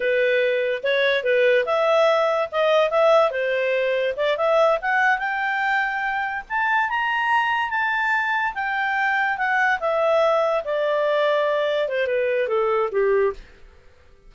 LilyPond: \new Staff \with { instrumentName = "clarinet" } { \time 4/4 \tempo 4 = 144 b'2 cis''4 b'4 | e''2 dis''4 e''4 | c''2 d''8 e''4 fis''8~ | fis''8 g''2. a''8~ |
a''8 ais''2 a''4.~ | a''8 g''2 fis''4 e''8~ | e''4. d''2~ d''8~ | d''8 c''8 b'4 a'4 g'4 | }